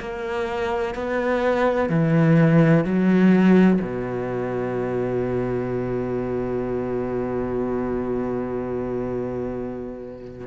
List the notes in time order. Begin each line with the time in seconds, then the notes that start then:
0.00 A#3
0.94 B3
1.89 E3
2.85 F#3
3.81 B2